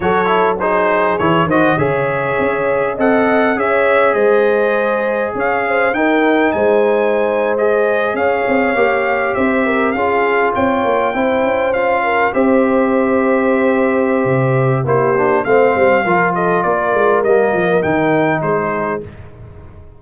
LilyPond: <<
  \new Staff \with { instrumentName = "trumpet" } { \time 4/4 \tempo 4 = 101 cis''4 c''4 cis''8 dis''8 e''4~ | e''4 fis''4 e''4 dis''4~ | dis''4 f''4 g''4 gis''4~ | gis''8. dis''4 f''2 e''16~ |
e''8. f''4 g''2 f''16~ | f''8. e''2.~ e''16~ | e''4 c''4 f''4. dis''8 | d''4 dis''4 g''4 c''4 | }
  \new Staff \with { instrumentName = "horn" } { \time 4/4 a'4 gis'4. c''8 cis''4~ | cis''4 dis''4 cis''4 c''4~ | c''4 cis''8 c''8 ais'4 c''4~ | c''4.~ c''16 cis''2 c''16~ |
c''16 ais'8 gis'4 cis''4 c''4~ c''16~ | c''16 ais'8 c''2.~ c''16~ | c''4 g'4 c''4 ais'8 a'8 | ais'2. gis'4 | }
  \new Staff \with { instrumentName = "trombone" } { \time 4/4 fis'8 e'8 dis'4 e'8 fis'8 gis'4~ | gis'4 a'4 gis'2~ | gis'2 dis'2~ | dis'8. gis'2 g'4~ g'16~ |
g'8. f'2 e'4 f'16~ | f'8. g'2.~ g'16~ | g'4 e'8 d'8 c'4 f'4~ | f'4 ais4 dis'2 | }
  \new Staff \with { instrumentName = "tuba" } { \time 4/4 fis2 e8 dis8 cis4 | cis'4 c'4 cis'4 gis4~ | gis4 cis'4 dis'4 gis4~ | gis4.~ gis16 cis'8 c'8 ais4 c'16~ |
c'8. cis'4 c'8 ais8 c'8 cis'8.~ | cis'8. c'2.~ c'16 | c4 ais4 a8 g8 f4 | ais8 gis8 g8 f8 dis4 gis4 | }
>>